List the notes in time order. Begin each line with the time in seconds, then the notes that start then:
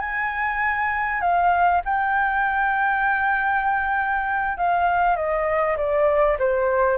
0.00 G#5
1.21 F5
1.85 G5
4.58 F5
5.16 D#5
5.77 D5
6.39 C5